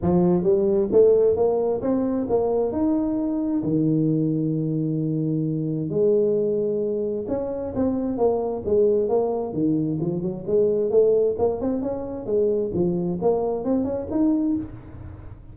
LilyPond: \new Staff \with { instrumentName = "tuba" } { \time 4/4 \tempo 4 = 132 f4 g4 a4 ais4 | c'4 ais4 dis'2 | dis1~ | dis4 gis2. |
cis'4 c'4 ais4 gis4 | ais4 dis4 f8 fis8 gis4 | a4 ais8 c'8 cis'4 gis4 | f4 ais4 c'8 cis'8 dis'4 | }